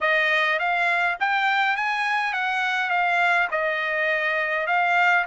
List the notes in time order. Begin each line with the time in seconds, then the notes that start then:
0.00 D#5
0.59 F5
1.20 G5
1.76 G#5
2.33 F#5
2.89 F5
3.51 D#5
4.66 F5